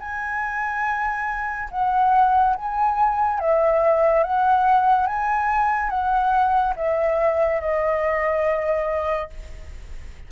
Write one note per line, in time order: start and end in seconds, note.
0.00 1.69 G#5
1.71 2.55 F#5
2.56 3.39 G#5
3.39 4.23 E5
4.23 5.07 F#5
5.07 5.90 G#5
5.90 6.74 F#5
6.76 7.61 E5
7.61 9.30 D#5